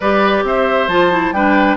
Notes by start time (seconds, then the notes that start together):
0.00 G3 G4 B4 D5
0.43 C4 C5 E5
0.87 F3 F4 A5
1.11 E4
1.31 G3 D4 B4 G5